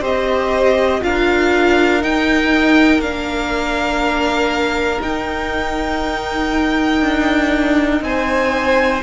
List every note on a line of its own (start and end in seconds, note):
0.00 1.01 C4
0.00 1.00 G4
0.00 1.00 C5
0.00 1.03 D#5
1.00 2.03 D4
1.00 2.00 F4
1.00 8.04 A#4
1.00 2.02 F5
2.00 3.00 D#4
2.00 2.98 D#4
2.00 3.00 G5
2.98 4.98 A#3
2.98 5.00 D4
2.98 5.00 F5
5.00 9.00 D#4
5.00 7.01 D#4
5.00 8.02 G5
7.01 8.00 D4
8.00 9.00 C4
8.00 9.02 C5
8.00 9.02 G#5